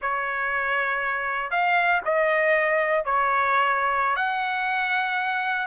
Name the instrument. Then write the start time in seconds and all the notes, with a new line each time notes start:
trumpet
0.01 C#5
1.50 F5
2.04 D#5
3.04 C#5
4.16 F#5